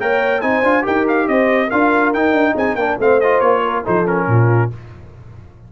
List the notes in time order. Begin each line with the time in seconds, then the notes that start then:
0.00 A#3 A#4 C#5 G5
0.41 C4 D#4 C5 G#5
0.63 D4 F4
0.82 D#4 G4 A#4 G5
1.08 F5
1.28 C4 C5 D#5
1.67 D4 F4 A#4 F5
2.13 D#4 G5
2.32 D4
2.55 C4 G#4 G#5
2.75 A#3 D4 A#4 G5
2.99 A3 C4 C5 F5
3.20 F4 D#5
3.40 A#3 C#5
3.63 A#4
3.84 F3 D#4 A4 C5
4.06 C#4 A#4
4.27 A#2 F4